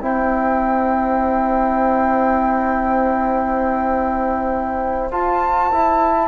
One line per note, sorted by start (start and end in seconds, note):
0.00 5.10 C4
0.00 5.11 E4
0.00 6.28 C5
0.00 5.10 G5
5.11 5.71 F4
5.11 6.28 A5
5.71 6.28 E4